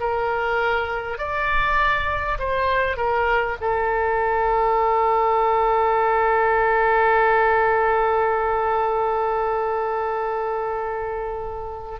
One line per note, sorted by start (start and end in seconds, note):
0.00 1.18 A#4
1.18 2.38 D5
2.38 2.97 C5
2.97 3.57 A#4
3.61 12.00 A4